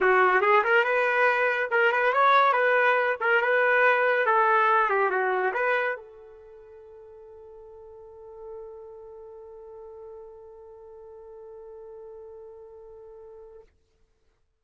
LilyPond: \new Staff \with { instrumentName = "trumpet" } { \time 4/4 \tempo 4 = 141 fis'4 gis'8 ais'8 b'2 | ais'8 b'8 cis''4 b'4. ais'8 | b'2 a'4. g'8 | fis'4 b'4 a'2~ |
a'1~ | a'1~ | a'1~ | a'1 | }